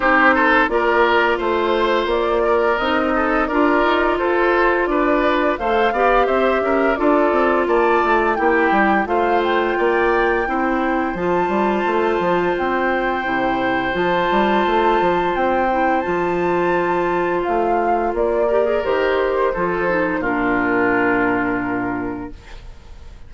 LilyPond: <<
  \new Staff \with { instrumentName = "flute" } { \time 4/4 \tempo 4 = 86 c''4 d''4 c''4 d''4 | dis''4 d''4 c''4 d''4 | f''4 e''4 d''4 a''4 | g''4 f''8 g''2~ g''8 |
a''2 g''2 | a''2 g''4 a''4~ | a''4 f''4 d''4 c''4~ | c''4 ais'2. | }
  \new Staff \with { instrumentName = "oboe" } { \time 4/4 g'8 a'8 ais'4 c''4. ais'8~ | ais'8 a'8 ais'4 a'4 b'4 | c''8 d''8 c''8 ais'8 a'4 d''4 | g'4 c''4 d''4 c''4~ |
c''1~ | c''1~ | c''2~ c''8 ais'4. | a'4 f'2. | }
  \new Staff \with { instrumentName = "clarinet" } { \time 4/4 dis'4 f'2. | dis'4 f'2. | a'8 g'4. f'2 | e'4 f'2 e'4 |
f'2. e'4 | f'2~ f'8 e'8 f'4~ | f'2~ f'8 g'16 gis'16 g'4 | f'8 dis'8 d'2. | }
  \new Staff \with { instrumentName = "bassoon" } { \time 4/4 c'4 ais4 a4 ais4 | c'4 d'8 dis'8 f'4 d'4 | a8 b8 c'8 cis'8 d'8 c'8 ais8 a8 | ais8 g8 a4 ais4 c'4 |
f8 g8 a8 f8 c'4 c4 | f8 g8 a8 f8 c'4 f4~ | f4 a4 ais4 dis4 | f4 ais,2. | }
>>